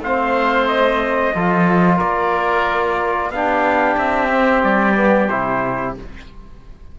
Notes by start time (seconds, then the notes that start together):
0.00 A3 C4 C5 F5
0.68 D#5
1.35 F3 F4 A4
1.97 A#3 A#4 D5
3.30 B3 D4 G4 F5
3.98 C4 E5
4.31 C4
4.63 G3 D5
4.95 B3
5.29 C3 E4 C5